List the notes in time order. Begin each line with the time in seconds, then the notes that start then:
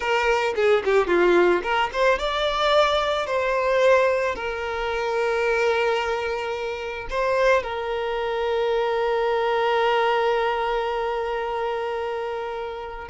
0.00 A#4
0.55 G#4
0.84 G4
1.07 F4
1.62 A#4
1.92 C5
2.18 D5
3.26 C5
4.35 A#4
7.10 C5
7.62 A#4